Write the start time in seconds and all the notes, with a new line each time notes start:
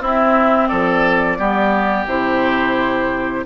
0.00 C4 E4 E5
0.67 F3 A4 D5
1.38 G3 B3 G4
2.05 C3 E4 C5